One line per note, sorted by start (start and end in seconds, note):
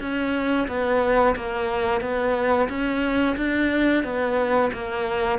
0.00 0.67 C#4
0.68 1.35 B3
1.35 2.01 A#3
2.01 2.68 B3
2.69 3.36 C#4
3.36 4.04 D4
4.04 4.71 B3
4.73 5.39 A#3